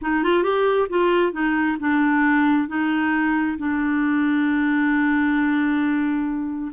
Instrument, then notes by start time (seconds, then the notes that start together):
clarinet
0.01 D#4
0.23 F4
0.43 G4
0.89 F4
1.32 D#4
1.79 D4
2.67 D#4
3.58 D4